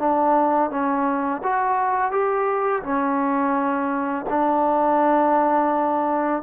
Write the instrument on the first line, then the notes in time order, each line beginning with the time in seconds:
trombone
0.00 D4
0.71 C#4
1.44 F#4
2.12 G4
2.83 C#4
4.30 D4